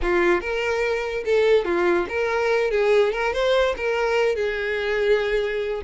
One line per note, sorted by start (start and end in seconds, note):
0.02 0.40 F4
0.40 1.24 A#4
1.25 1.64 A4
1.64 2.06 F4
2.08 2.70 A#4
2.70 3.12 G#4
3.12 3.33 A#4
3.33 3.75 C5
3.76 4.35 A#4
4.35 5.81 G#4